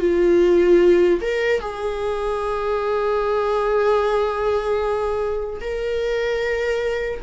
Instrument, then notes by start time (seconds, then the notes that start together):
viola
0.00 F4
1.21 A#4
1.60 G#4
5.61 A#4